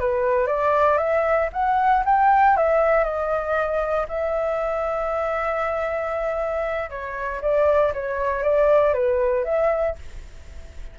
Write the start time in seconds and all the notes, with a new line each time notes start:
0.00 B4
0.47 D5
0.98 E5
1.53 F#5
2.06 G5
2.57 E5
3.04 D#5
4.09 E5
6.90 C#5
7.42 D5
7.94 C#5
8.43 D5
8.94 B4
9.45 E5